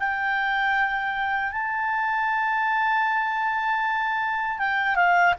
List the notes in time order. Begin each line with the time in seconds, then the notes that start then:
0.00 G5
1.52 A5
4.59 G5
4.96 F5